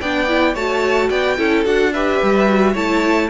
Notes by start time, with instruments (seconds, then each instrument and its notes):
0.00 cello B3, viola D4, violin D5 G5
0.27 viola E4
0.53 cello A3, viola F#4, violin C#5 A5
1.09 cello B3, violin D5 G5
1.37 cello C#4, viola E4, violin A4
1.64 cello D4, viola F#4, violin F#5
1.92 viola G4, violin B4 E5
2.22 cello G3
2.47 viola F#4
2.72 cello A3, viola E4, violin C#5 A5